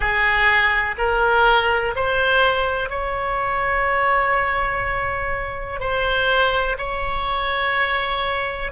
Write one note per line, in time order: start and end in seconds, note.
0.00 0.95 G#4
0.98 1.94 A#4
1.95 2.89 C5
2.89 5.80 C#5
5.80 6.77 C5
6.77 8.71 C#5